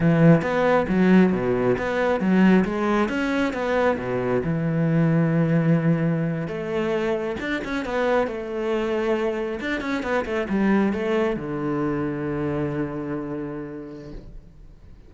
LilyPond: \new Staff \with { instrumentName = "cello" } { \time 4/4 \tempo 4 = 136 e4 b4 fis4 b,4 | b4 fis4 gis4 cis'4 | b4 b,4 e2~ | e2~ e8. a4~ a16~ |
a8. d'8 cis'8 b4 a4~ a16~ | a4.~ a16 d'8 cis'8 b8 a8 g16~ | g8. a4 d2~ d16~ | d1 | }